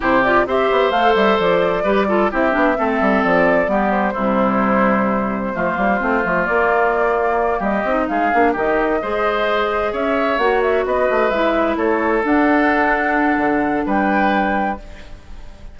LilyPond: <<
  \new Staff \with { instrumentName = "flute" } { \time 4/4 \tempo 4 = 130 c''8 d''8 e''4 f''8 e''8 d''4~ | d''4 e''2 d''4~ | d''8 c''2.~ c''8~ | c''2 d''2~ |
d''8 dis''4 f''4 dis''4.~ | dis''4. e''4 fis''8 e''8 dis''8~ | dis''8 e''4 cis''4 fis''4.~ | fis''2 g''2 | }
  \new Staff \with { instrumentName = "oboe" } { \time 4/4 g'4 c''2. | b'8 a'8 g'4 a'2 | g'4 e'2. | f'1~ |
f'8 g'4 gis'4 g'4 c''8~ | c''4. cis''2 b'8~ | b'4. a'2~ a'8~ | a'2 b'2 | }
  \new Staff \with { instrumentName = "clarinet" } { \time 4/4 e'8 f'8 g'4 a'2 | g'8 f'8 e'8 d'8 c'2 | b4 g2. | a8 ais8 c'8 a8 ais2~ |
ais4 dis'4 d'8 dis'4 gis'8~ | gis'2~ gis'8 fis'4.~ | fis'8 e'2 d'4.~ | d'1 | }
  \new Staff \with { instrumentName = "bassoon" } { \time 4/4 c4 c'8 b8 a8 g8 f4 | g4 c'8 b8 a8 g8 f4 | g4 c2. | f8 g8 a8 f8 ais2~ |
ais8 g8 c'8 gis8 ais8 dis4 gis8~ | gis4. cis'4 ais4 b8 | a8 gis4 a4 d'4.~ | d'4 d4 g2 | }
>>